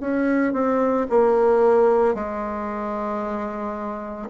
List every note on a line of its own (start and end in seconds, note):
0.00 0.53 C#4
0.53 1.06 C4
1.10 2.14 A#3
2.14 4.29 G#3